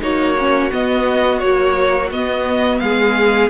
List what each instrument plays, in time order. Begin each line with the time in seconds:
0.00 cello A#3, viola D#4, violin F#4 C#5
0.38 viola C#4
0.70 viola B3, cello B3, violin D#5
1.39 viola F#3, cello A#3, violin C#5
2.10 cello B3, viola B3, violin D#5
2.78 cello G#3, violin G#4 F5